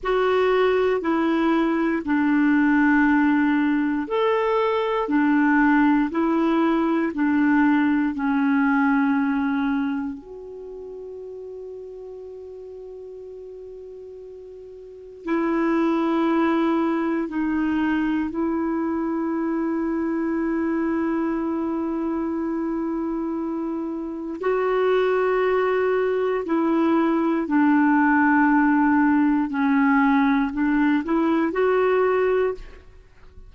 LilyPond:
\new Staff \with { instrumentName = "clarinet" } { \time 4/4 \tempo 4 = 59 fis'4 e'4 d'2 | a'4 d'4 e'4 d'4 | cis'2 fis'2~ | fis'2. e'4~ |
e'4 dis'4 e'2~ | e'1 | fis'2 e'4 d'4~ | d'4 cis'4 d'8 e'8 fis'4 | }